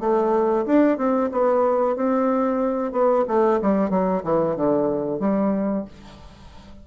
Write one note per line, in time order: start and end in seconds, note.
0.00 0.65 A3
0.66 0.98 D4
0.98 1.30 C4
1.32 1.96 B3
1.96 2.92 C4
2.92 3.25 B3
3.28 3.60 A3
3.62 3.90 G3
3.90 4.23 F#3
4.24 4.56 E3
4.56 5.20 D3
5.20 5.85 G3